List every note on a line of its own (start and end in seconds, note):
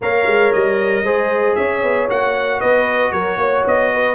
0.01 0.26 A#3
0.01 1.05 A#4
0.01 1.04 C#5
0.01 0.52 F5
0.26 0.52 G#3
0.52 1.02 G3
0.52 1.55 D#5
1.02 1.54 G#3
1.02 2.09 G#4
1.02 1.56 C5
1.55 1.82 C#4
1.55 2.60 C#5
1.55 2.07 E5
1.82 2.08 B3
2.09 2.62 A#3
2.09 4.15 F#4
2.09 2.60 F#5
2.60 3.12 B3
2.60 3.12 B4
2.60 3.12 D#5
3.12 3.37 F#3
3.12 3.39 A#4
3.12 3.64 C#5
3.37 3.63 A#3
3.37 3.92 C#5
3.66 4.15 B3
3.66 4.15 D#5
3.93 4.15 B4